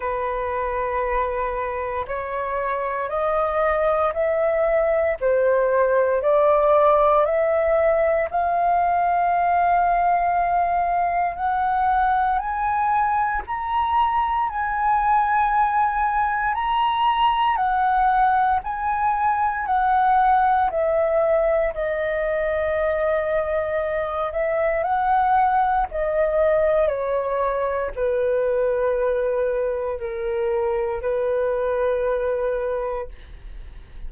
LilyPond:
\new Staff \with { instrumentName = "flute" } { \time 4/4 \tempo 4 = 58 b'2 cis''4 dis''4 | e''4 c''4 d''4 e''4 | f''2. fis''4 | gis''4 ais''4 gis''2 |
ais''4 fis''4 gis''4 fis''4 | e''4 dis''2~ dis''8 e''8 | fis''4 dis''4 cis''4 b'4~ | b'4 ais'4 b'2 | }